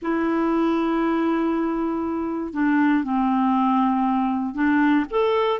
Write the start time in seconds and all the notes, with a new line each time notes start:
0.02 E4
2.53 D4
3.03 C4
4.54 D4
5.10 A4